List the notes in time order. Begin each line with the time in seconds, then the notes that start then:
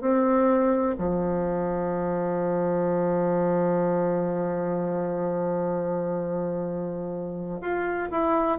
0.00 C4
0.97 F3
7.61 F4
8.11 E4